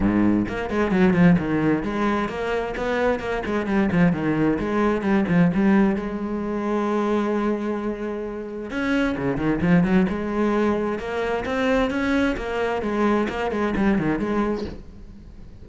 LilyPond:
\new Staff \with { instrumentName = "cello" } { \time 4/4 \tempo 4 = 131 gis,4 ais8 gis8 fis8 f8 dis4 | gis4 ais4 b4 ais8 gis8 | g8 f8 dis4 gis4 g8 f8 | g4 gis2.~ |
gis2. cis'4 | cis8 dis8 f8 fis8 gis2 | ais4 c'4 cis'4 ais4 | gis4 ais8 gis8 g8 dis8 gis4 | }